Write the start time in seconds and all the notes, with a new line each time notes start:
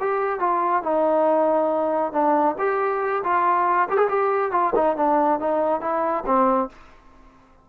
0.00 G4
0.40 F4
0.83 D#4
2.13 D4
2.58 G4
3.24 F4
3.89 G4
3.97 G#4
4.09 G4
4.52 F4
4.76 D#4
4.96 D4
5.40 D#4
5.81 E4
6.26 C4